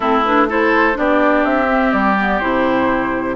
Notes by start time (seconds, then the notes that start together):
0.00 A3 C4 E4 A4
0.24 D4 B4
0.48 E4 A4 C5
0.94 B3 D4 G4 D5
1.44 C4 E5
1.68 C4
1.92 G3 D5
2.18 B3
2.39 C3 E4 C5